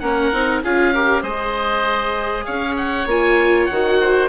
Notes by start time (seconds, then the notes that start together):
0.00 A#3 C#4 A#4 F#5
0.32 C4 D#4
0.64 C#4 F4 G#4 F5
0.95 G4 A#4
1.22 G#3 G#4 C5 D#5
2.45 C#4 C#5 F5
2.77 F#5
3.06 A#3 F4 G#5
3.66 D#3 F#5
3.73 F#4
4.01 C5